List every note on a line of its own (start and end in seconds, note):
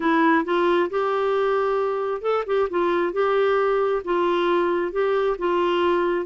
0.00 0.44 E4
0.44 0.89 F4
0.90 2.21 G4
2.21 2.44 A4
2.46 2.69 G4
2.70 3.12 F4
3.12 4.02 G4
4.04 4.92 F4
4.92 5.36 G4
5.38 6.25 F4